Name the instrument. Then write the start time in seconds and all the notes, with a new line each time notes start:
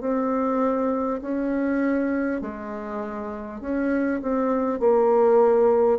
bassoon
0.00 C4
1.21 C#4
2.41 G#3
3.61 C#4
4.22 C4
4.79 A#3